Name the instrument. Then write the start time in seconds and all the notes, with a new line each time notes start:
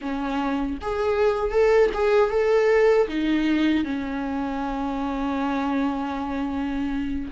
viola
0.01 C#4
0.81 G#4
1.51 A4
1.94 G#4
2.30 A4
3.08 D#4
3.84 C#4